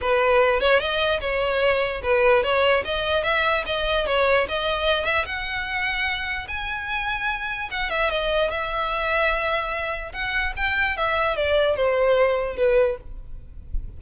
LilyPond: \new Staff \with { instrumentName = "violin" } { \time 4/4 \tempo 4 = 148 b'4. cis''8 dis''4 cis''4~ | cis''4 b'4 cis''4 dis''4 | e''4 dis''4 cis''4 dis''4~ | dis''8 e''8 fis''2. |
gis''2. fis''8 e''8 | dis''4 e''2.~ | e''4 fis''4 g''4 e''4 | d''4 c''2 b'4 | }